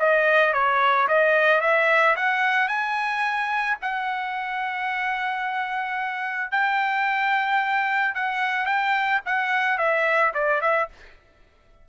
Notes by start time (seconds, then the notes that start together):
0.00 D#5
0.53 C#5
1.08 D#5
1.61 E5
2.16 F#5
2.69 G#5
3.82 F#5
6.52 G5
8.15 F#5
8.66 G5
9.26 F#5
9.78 E5
10.34 D5
10.62 E5